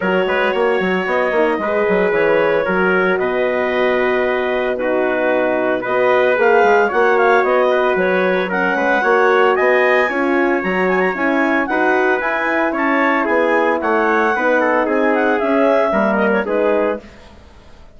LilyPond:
<<
  \new Staff \with { instrumentName = "clarinet" } { \time 4/4 \tempo 4 = 113 cis''2 dis''2 | cis''2 dis''2~ | dis''4 b'2 dis''4 | f''4 fis''8 f''8 dis''4 cis''4 |
fis''2 gis''2 | ais''8 gis''16 ais''16 gis''4 fis''4 gis''4 | a''4 gis''4 fis''2 | gis''8 fis''8 e''4. dis''16 cis''16 b'4 | }
  \new Staff \with { instrumentName = "trumpet" } { \time 4/4 ais'8 b'8 cis''2 b'4~ | b'4 ais'4 b'2~ | b'4 fis'2 b'4~ | b'4 cis''4. b'4. |
ais'8 b'8 cis''4 dis''4 cis''4~ | cis''2 b'2 | cis''4 gis'4 cis''4 b'8 a'8 | gis'2 ais'4 gis'4 | }
  \new Staff \with { instrumentName = "horn" } { \time 4/4 fis'2~ fis'8 dis'8 gis'4~ | gis'4 fis'2.~ | fis'4 dis'2 fis'4 | gis'4 fis'2. |
cis'4 fis'2 f'4 | fis'4 e'4 fis'4 e'4~ | e'2. dis'4~ | dis'4 cis'4 ais4 dis'4 | }
  \new Staff \with { instrumentName = "bassoon" } { \time 4/4 fis8 gis8 ais8 fis8 b8 ais8 gis8 fis8 | e4 fis4 b,2~ | b,2. b4 | ais8 gis8 ais4 b4 fis4~ |
fis8 gis8 ais4 b4 cis'4 | fis4 cis'4 dis'4 e'4 | cis'4 b4 a4 b4 | c'4 cis'4 g4 gis4 | }
>>